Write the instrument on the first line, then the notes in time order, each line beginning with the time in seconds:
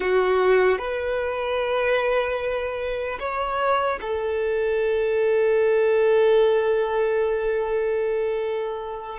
violin
0.00 F#4
0.78 B4
3.19 C#5
4.01 A4